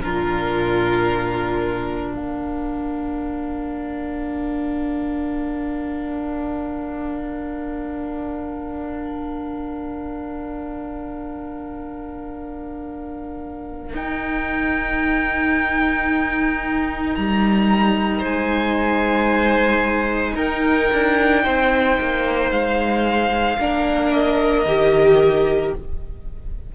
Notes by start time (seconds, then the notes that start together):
0.00 A#2 D4 F4 A#4
2.14 A#3 A#4 F5
13.93 D#4 G5
17.15 G3 A#5
18.19 G#3 C5
18.25 G#5
20.35 D#4 A#4 G5
20.92 D4
21.43 C4 C5
22.00 A#3
22.50 G#3 F5
23.58 A#3 D4 A#4
24.11 D#5
24.65 D#3 G4